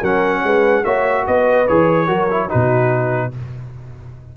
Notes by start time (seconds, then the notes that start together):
0.00 F#3 C#4 A#4 F#5
0.43 G#3 B4
0.84 A#3 F#4 C#5 E5
1.26 B3 B4 D#5
1.67 E3 G#4 C#5
2.07 F#3 F#4 A#4
2.30 E4
2.48 D#4 F#4 B4
2.54 B2